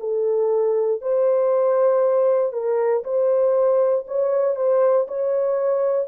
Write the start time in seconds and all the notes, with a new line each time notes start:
0.00 A4
1.02 C5
2.53 A#4
3.04 C5
4.08 C#5
4.56 C5
5.08 C#5